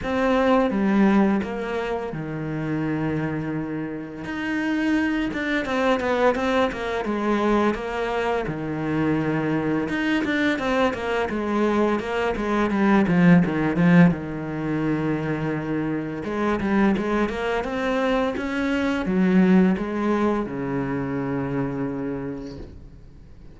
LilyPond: \new Staff \with { instrumentName = "cello" } { \time 4/4 \tempo 4 = 85 c'4 g4 ais4 dis4~ | dis2 dis'4. d'8 | c'8 b8 c'8 ais8 gis4 ais4 | dis2 dis'8 d'8 c'8 ais8 |
gis4 ais8 gis8 g8 f8 dis8 f8 | dis2. gis8 g8 | gis8 ais8 c'4 cis'4 fis4 | gis4 cis2. | }